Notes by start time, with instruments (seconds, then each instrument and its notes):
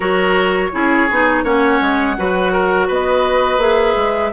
0.00 bassoon F#3, clarinet F#4, oboe A#4, flute C#5
0.72 bassoon C#4, clarinet E4, oboe G#4
1.10 bassoon B3, clarinet D#4
1.43 bassoon A#3, clarinet C#4, oboe C#5, flute F#5
1.81 bassoon G#3
2.17 bassoon F#3, clarinet F#4, oboe B4
2.52 oboe A#4
2.87 bassoon B3, oboe B4, flute D#5
3.57 bassoon A#3, clarinet G#4, flute E5
3.95 bassoon G#3